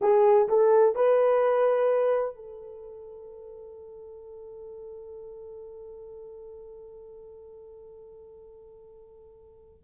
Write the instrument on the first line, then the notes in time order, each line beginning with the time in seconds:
horn
0.01 G#4
0.48 A4
0.95 B4
2.35 A4